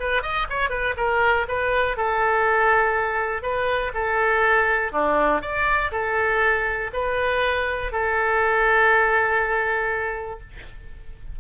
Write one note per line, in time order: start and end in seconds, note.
0.00 0.23 B4
0.23 0.48 D#5
0.50 0.70 C#5
0.70 0.95 B4
0.97 1.47 A#4
1.48 1.97 B4
1.97 3.43 A4
3.43 3.92 B4
3.94 4.92 A4
4.92 5.42 D4
5.42 5.91 D5
5.92 6.91 A4
6.93 7.92 B4
7.92 10.40 A4